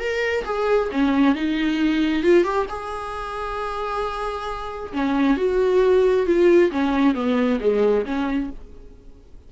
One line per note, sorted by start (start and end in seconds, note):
0.00 0.45 A#4
0.45 0.90 G#4
0.92 1.36 C#4
1.36 2.24 D#4
2.24 2.44 F4
2.44 2.67 G4
2.69 4.93 G#4
4.94 5.37 C#4
5.37 6.27 F#4
6.27 6.72 F4
6.72 7.15 C#4
7.15 7.60 B3
7.61 8.06 G#3
8.06 8.51 C#4